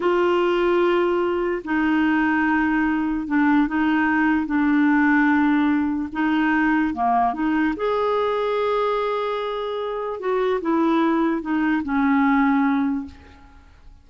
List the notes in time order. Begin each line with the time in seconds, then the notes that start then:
0.00 F4
1.64 D#4
3.27 D4
3.67 D#4
4.45 D4
6.12 D#4
6.94 A#3
7.33 D#4
7.76 G#4
10.19 F#4
10.61 E4
11.41 D#4
11.83 C#4